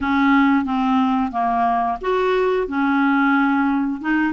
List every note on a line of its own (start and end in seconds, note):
0.00 0.65 C#4
0.65 1.31 C4
1.31 1.98 A#3
2.01 2.67 F#4
2.67 4.01 C#4
4.01 4.33 D#4